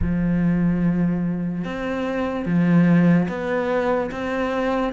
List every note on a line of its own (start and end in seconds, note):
0.01 1.64 F3
1.64 2.45 C4
2.45 3.27 F3
3.28 4.10 B3
4.11 4.92 C4